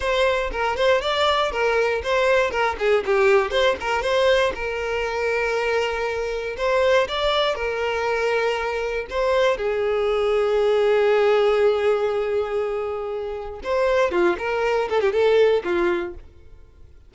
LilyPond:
\new Staff \with { instrumentName = "violin" } { \time 4/4 \tempo 4 = 119 c''4 ais'8 c''8 d''4 ais'4 | c''4 ais'8 gis'8 g'4 c''8 ais'8 | c''4 ais'2.~ | ais'4 c''4 d''4 ais'4~ |
ais'2 c''4 gis'4~ | gis'1~ | gis'2. c''4 | f'8 ais'4 a'16 g'16 a'4 f'4 | }